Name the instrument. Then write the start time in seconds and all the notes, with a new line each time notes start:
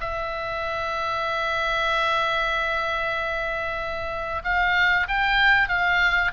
oboe
0.00 E5
4.44 F5
5.08 G5
5.68 F5